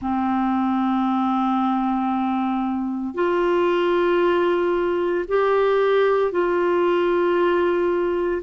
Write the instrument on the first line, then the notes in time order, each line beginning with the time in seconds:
clarinet
0.01 C4
3.14 F4
5.27 G4
6.31 F4